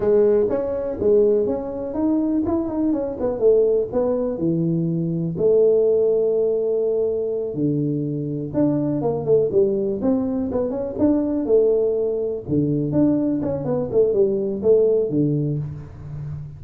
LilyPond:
\new Staff \with { instrumentName = "tuba" } { \time 4/4 \tempo 4 = 123 gis4 cis'4 gis4 cis'4 | dis'4 e'8 dis'8 cis'8 b8 a4 | b4 e2 a4~ | a2.~ a8 d8~ |
d4. d'4 ais8 a8 g8~ | g8 c'4 b8 cis'8 d'4 a8~ | a4. d4 d'4 cis'8 | b8 a8 g4 a4 d4 | }